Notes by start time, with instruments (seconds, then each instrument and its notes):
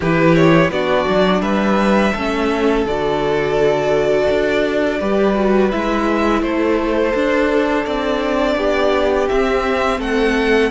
0.00 cello E3, viola E4, violin G4 B4
0.35 violin C#5
0.70 cello B3, viola D4, violin F#4 D5
1.07 cello F#3
1.40 cello G3, violin B4 E5
2.12 cello A3, viola C#4, violin A4
2.84 cello D3, viola F#4, violin D5
4.29 cello D4
4.99 cello G3, viola G4, violin B4
5.34 viola F#4
5.71 cello G#3, viola E4, violin E5
6.42 cello A3, violin A4 C5
7.14 cello D4, viola D4
7.85 cello C4, violin D5
8.56 cello B3, violin G4
9.29 viola C4, cello C4, violin E5
9.99 cello A3, violin A4 F#5